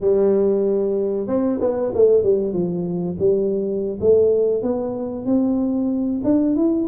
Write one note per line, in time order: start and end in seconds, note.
0.00 1.27 G3
1.27 1.59 C4
1.60 1.92 B3
1.94 2.23 A3
2.23 2.53 G3
2.53 3.17 F3
3.19 3.98 G3
4.00 4.62 A3
4.62 5.25 B3
5.25 6.21 C4
6.24 6.56 D4
6.56 6.88 E4